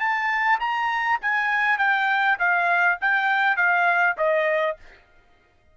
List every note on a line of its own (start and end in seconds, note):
0.00 0.59 A5
0.60 1.20 A#5
1.22 1.78 G#5
1.78 2.38 G5
2.39 2.99 F5
3.01 3.57 G5
3.57 4.16 F5
4.18 4.77 D#5